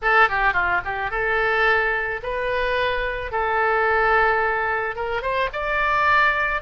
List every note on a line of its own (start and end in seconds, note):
0.02 0.28 A4
0.28 0.53 G4
0.53 0.80 F4
0.84 1.10 G4
1.10 2.20 A4
2.22 3.31 B4
3.31 4.95 A4
4.95 5.21 A#4
5.21 5.49 C5
5.52 6.61 D5